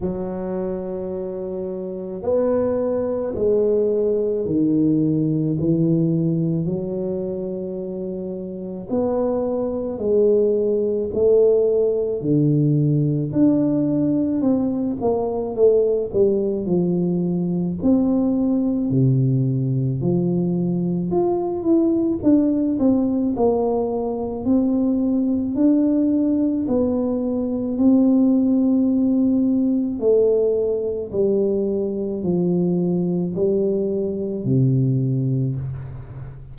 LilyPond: \new Staff \with { instrumentName = "tuba" } { \time 4/4 \tempo 4 = 54 fis2 b4 gis4 | dis4 e4 fis2 | b4 gis4 a4 d4 | d'4 c'8 ais8 a8 g8 f4 |
c'4 c4 f4 f'8 e'8 | d'8 c'8 ais4 c'4 d'4 | b4 c'2 a4 | g4 f4 g4 c4 | }